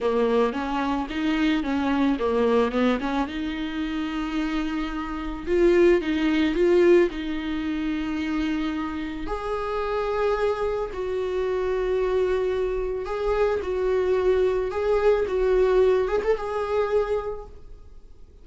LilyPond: \new Staff \with { instrumentName = "viola" } { \time 4/4 \tempo 4 = 110 ais4 cis'4 dis'4 cis'4 | ais4 b8 cis'8 dis'2~ | dis'2 f'4 dis'4 | f'4 dis'2.~ |
dis'4 gis'2. | fis'1 | gis'4 fis'2 gis'4 | fis'4. gis'16 a'16 gis'2 | }